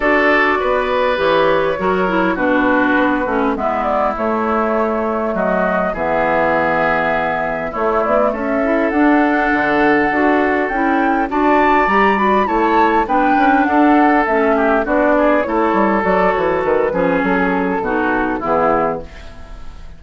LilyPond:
<<
  \new Staff \with { instrumentName = "flute" } { \time 4/4 \tempo 4 = 101 d''2 cis''2 | b'2 e''8 d''8 cis''4~ | cis''4 dis''4 e''2~ | e''4 cis''8 d''8 e''4 fis''4~ |
fis''2 g''4 a''4 | ais''8 b''8 a''4 g''4 fis''4 | e''4 d''4 cis''4 d''8 cis''8 | b'4 a'2 gis'4 | }
  \new Staff \with { instrumentName = "oboe" } { \time 4/4 a'4 b'2 ais'4 | fis'2 e'2~ | e'4 fis'4 gis'2~ | gis'4 e'4 a'2~ |
a'2. d''4~ | d''4 cis''4 b'4 a'4~ | a'8 g'8 fis'8 gis'8 a'2~ | a'8 gis'4. fis'4 e'4 | }
  \new Staff \with { instrumentName = "clarinet" } { \time 4/4 fis'2 g'4 fis'8 e'8 | d'4. cis'8 b4 a4~ | a2 b2~ | b4 a4. e'8 d'4~ |
d'4 fis'4 e'4 fis'4 | g'8 fis'8 e'4 d'2 | cis'4 d'4 e'4 fis'4~ | fis'8 cis'4. dis'4 b4 | }
  \new Staff \with { instrumentName = "bassoon" } { \time 4/4 d'4 b4 e4 fis4 | b,4 b8 a8 gis4 a4~ | a4 fis4 e2~ | e4 a8 b8 cis'4 d'4 |
d4 d'4 cis'4 d'4 | g4 a4 b8 cis'8 d'4 | a4 b4 a8 g8 fis8 e8 | dis8 f8 fis4 b,4 e4 | }
>>